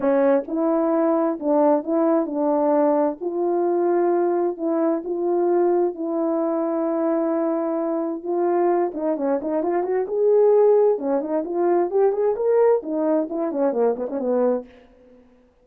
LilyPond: \new Staff \with { instrumentName = "horn" } { \time 4/4 \tempo 4 = 131 cis'4 e'2 d'4 | e'4 d'2 f'4~ | f'2 e'4 f'4~ | f'4 e'2.~ |
e'2 f'4. dis'8 | cis'8 dis'8 f'8 fis'8 gis'2 | cis'8 dis'8 f'4 g'8 gis'8 ais'4 | dis'4 e'8 cis'8 ais8 b16 cis'16 b4 | }